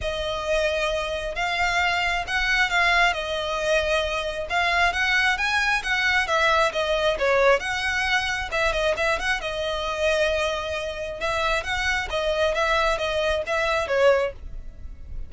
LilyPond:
\new Staff \with { instrumentName = "violin" } { \time 4/4 \tempo 4 = 134 dis''2. f''4~ | f''4 fis''4 f''4 dis''4~ | dis''2 f''4 fis''4 | gis''4 fis''4 e''4 dis''4 |
cis''4 fis''2 e''8 dis''8 | e''8 fis''8 dis''2.~ | dis''4 e''4 fis''4 dis''4 | e''4 dis''4 e''4 cis''4 | }